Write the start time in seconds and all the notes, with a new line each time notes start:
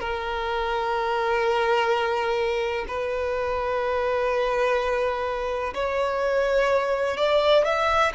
0.00 A#4
2.88 B4
5.74 C#5
7.17 D5
7.65 E5